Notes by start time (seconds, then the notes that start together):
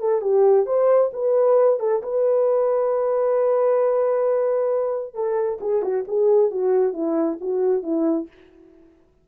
0.00 A4
0.22 G4
0.66 C5
1.14 B4
1.80 A4
2.03 B4
5.15 A4
5.61 G#4
5.82 F#4
6.08 G#4
6.51 F#4
6.94 E4
7.41 F#4
7.83 E4